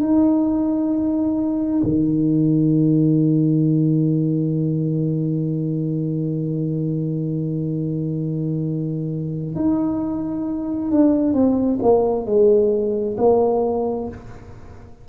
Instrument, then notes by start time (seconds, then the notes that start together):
tuba
0.00 D#4
1.83 D#3
9.55 D#4
10.91 D4
11.33 C4
11.82 A#3
12.26 G#3
13.17 A#3